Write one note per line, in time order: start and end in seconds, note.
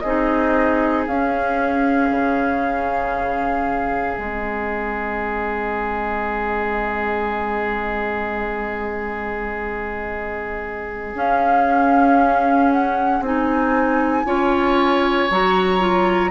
0.00 1.08 C4
0.00 1.09 D#4
0.00 14.26 G#4
0.00 1.03 D#5
1.08 2.11 C#4
1.08 4.18 C#4
1.08 4.17 F5
2.11 4.17 C#3
4.17 11.15 G#3
4.17 11.16 C4
4.17 11.16 D#5
11.15 13.21 C#4
11.15 13.23 C#4
11.15 12.72 F5
12.72 13.23 F#5
13.21 14.24 C4
13.21 14.26 D#4
13.21 15.32 G#5
14.25 15.29 C#4
14.25 15.29 F4
14.25 16.31 C#5
15.31 16.31 F#3
15.31 15.80 F#4
15.31 16.31 A#5
15.80 16.31 F4